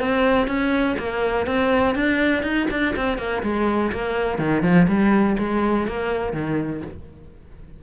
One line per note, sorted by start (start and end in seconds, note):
0.00 0.48 C4
0.48 0.96 C#4
0.99 1.47 A#3
1.47 1.96 C4
1.96 2.43 D4
2.43 2.68 D#4
2.71 2.95 D4
2.96 3.18 C4
3.18 3.43 A#3
3.43 3.92 G#3
3.92 4.39 A#3
4.39 4.63 D#3
4.63 4.87 F3
4.88 5.37 G3
5.39 5.88 G#3
5.88 6.33 A#3
6.33 6.82 D#3